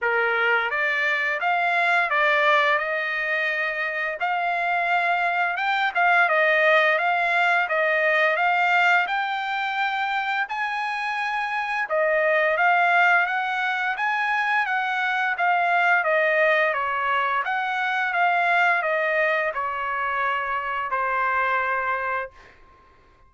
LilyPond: \new Staff \with { instrumentName = "trumpet" } { \time 4/4 \tempo 4 = 86 ais'4 d''4 f''4 d''4 | dis''2 f''2 | g''8 f''8 dis''4 f''4 dis''4 | f''4 g''2 gis''4~ |
gis''4 dis''4 f''4 fis''4 | gis''4 fis''4 f''4 dis''4 | cis''4 fis''4 f''4 dis''4 | cis''2 c''2 | }